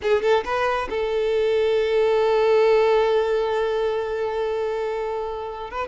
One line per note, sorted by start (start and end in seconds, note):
0.02 0.22 G#4
0.22 0.44 A4
0.44 0.88 B4
0.89 5.70 A4
5.70 5.87 B4